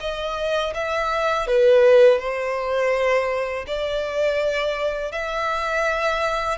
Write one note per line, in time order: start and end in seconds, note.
0.00 0.73 D#5
0.74 1.47 E5
1.47 2.19 B4
2.19 3.65 C5
3.67 5.12 D5
5.12 6.58 E5